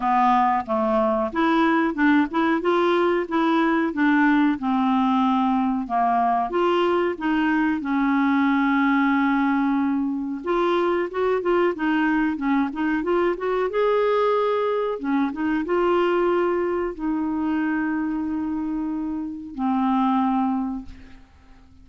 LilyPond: \new Staff \with { instrumentName = "clarinet" } { \time 4/4 \tempo 4 = 92 b4 a4 e'4 d'8 e'8 | f'4 e'4 d'4 c'4~ | c'4 ais4 f'4 dis'4 | cis'1 |
f'4 fis'8 f'8 dis'4 cis'8 dis'8 | f'8 fis'8 gis'2 cis'8 dis'8 | f'2 dis'2~ | dis'2 c'2 | }